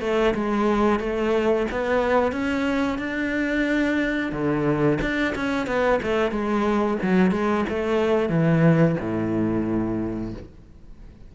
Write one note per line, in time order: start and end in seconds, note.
0.00 0.33 A3
0.34 0.99 G#3
0.99 1.66 A3
1.71 2.32 B3
2.32 2.98 C#4
2.98 4.32 D4
4.32 4.98 D3
5.01 5.34 D4
5.35 5.66 C#4
5.66 6.00 B3
6.02 6.31 A3
6.31 6.97 G#3
7.02 7.31 F#3
7.31 7.64 G#3
7.69 8.29 A3
8.29 8.95 E3
9.00 10.33 A2